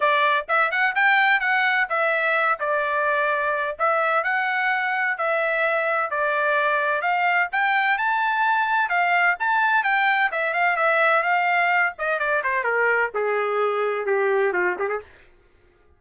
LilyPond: \new Staff \with { instrumentName = "trumpet" } { \time 4/4 \tempo 4 = 128 d''4 e''8 fis''8 g''4 fis''4 | e''4. d''2~ d''8 | e''4 fis''2 e''4~ | e''4 d''2 f''4 |
g''4 a''2 f''4 | a''4 g''4 e''8 f''8 e''4 | f''4. dis''8 d''8 c''8 ais'4 | gis'2 g'4 f'8 g'16 gis'16 | }